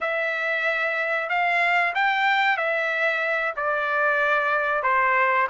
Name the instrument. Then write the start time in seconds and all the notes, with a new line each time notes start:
trumpet
0.00 E5
1.29 F5
1.94 G5
2.57 E5
3.56 D5
4.82 C5